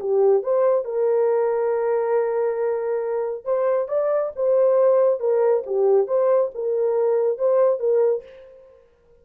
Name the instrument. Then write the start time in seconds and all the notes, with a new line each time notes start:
horn
0.00 G4
0.43 C5
0.85 A#4
3.45 C5
3.89 D5
4.36 C5
5.20 A#4
5.66 G4
6.07 C5
6.55 A#4
7.38 C5
7.80 A#4